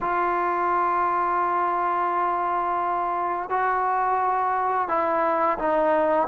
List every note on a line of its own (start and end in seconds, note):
0.00 3.49 F4
3.49 4.88 F#4
4.88 5.58 E4
5.58 6.28 D#4